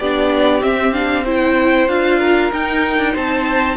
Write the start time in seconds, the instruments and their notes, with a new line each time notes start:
0.00 cello B3, viola D4, violin G4 D5
0.61 viola C4, cello C4, violin E5
0.94 viola D4, violin F5
1.25 viola E4, violin C5
1.31 violin G5
1.88 cello D4, viola F4, violin F5
2.20 violin A#4
2.53 cello D#4, viola D#4, violin G5
2.99 cello D4
3.14 cello C4, violin C5 A5